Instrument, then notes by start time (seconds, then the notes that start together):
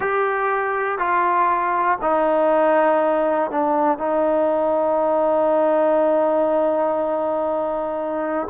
trombone
0.00 G4
0.98 F4
2.01 D#4
3.50 D4
3.98 D#4